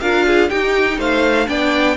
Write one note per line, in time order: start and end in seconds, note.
0.00 0.50 D4
0.00 0.50 F4
0.00 0.26 A#4
0.00 0.49 F5
0.26 0.49 G#4
0.49 1.46 D#4
0.49 0.98 D#4
0.49 0.98 G4
0.49 0.98 G5
0.98 1.47 A3
0.98 1.47 C5
0.98 1.48 F5
1.46 1.97 B3
1.46 1.95 D4
1.46 1.96 D5
1.46 1.97 G5